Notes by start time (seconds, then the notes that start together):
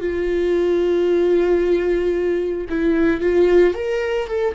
0.00 F4
2.69 E4
3.20 F4
3.74 A#4
4.28 A4